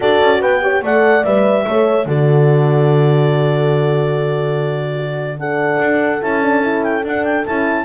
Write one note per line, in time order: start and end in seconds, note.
0.00 0.21 D4
0.00 0.61 F#4
0.00 0.40 A4
0.00 0.41 D5
0.21 0.41 C#4
0.40 0.82 B3
0.40 0.61 B4
0.40 0.83 G5
0.61 0.82 G4
0.61 0.83 C#5
0.82 1.23 A3
0.82 1.24 A4
0.82 1.66 D5
0.82 1.24 F#5
1.24 1.65 G3
1.24 1.66 B4
1.24 2.07 E5
1.67 2.05 A3
1.67 2.07 A4
1.67 2.07 C#5
2.05 5.78 D3
2.05 5.38 F#4
2.05 4.95 A4
2.05 5.38 D5
4.95 5.36 F#4
5.38 6.21 D4
5.38 7.84 A4
5.38 6.22 F#5
5.80 6.21 D4
6.21 7.04 C#4
6.21 6.42 E4
6.21 6.83 A5
6.42 6.62 D4
6.62 7.03 E4
6.83 7.03 G5
7.04 7.45 D4
7.04 7.24 F#5
7.24 7.45 G5
7.45 7.84 C#4
7.45 7.84 E4
7.45 7.84 A5